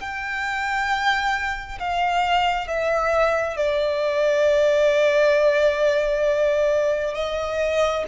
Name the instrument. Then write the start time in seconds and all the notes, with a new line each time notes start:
violin
0.00 G5
1.80 F5
2.68 E5
3.57 D5
7.15 D#5